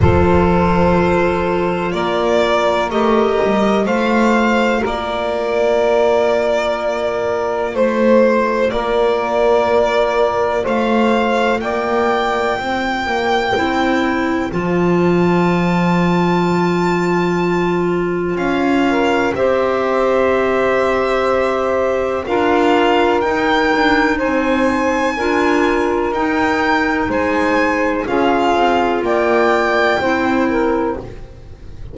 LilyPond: <<
  \new Staff \with { instrumentName = "violin" } { \time 4/4 \tempo 4 = 62 c''2 d''4 dis''4 | f''4 d''2. | c''4 d''2 f''4 | g''2. a''4~ |
a''2. f''4 | e''2. f''4 | g''4 gis''2 g''4 | gis''4 f''4 g''2 | }
  \new Staff \with { instrumentName = "saxophone" } { \time 4/4 a'2 ais'2 | c''4 ais'2. | c''4 ais'2 c''4 | d''4 c''2.~ |
c''2.~ c''8 ais'8 | c''2. ais'4~ | ais'4 c''4 ais'2 | c''4 gis'4 d''4 c''8 ais'8 | }
  \new Staff \with { instrumentName = "clarinet" } { \time 4/4 f'2. g'4 | f'1~ | f'1~ | f'2 e'4 f'4~ |
f'1 | g'2. f'4 | dis'2 f'4 dis'4~ | dis'4 f'2 e'4 | }
  \new Staff \with { instrumentName = "double bass" } { \time 4/4 f2 ais4 a8 g8 | a4 ais2. | a4 ais2 a4 | ais4 c'8 ais8 c'4 f4~ |
f2. cis'4 | c'2. d'4 | dis'8 d'8 c'4 d'4 dis'4 | gis4 cis'8 c'8 ais4 c'4 | }
>>